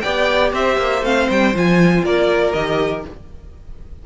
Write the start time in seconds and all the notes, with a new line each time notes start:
0.00 B3 G4 D5 G5
0.53 C4 C5 E5
0.77 A#3
1.02 A3 C4 F5
1.30 G3 G5
1.54 F3 F4 G#5
2.03 A#3 A#4 D5
2.53 D#3 G4 D#5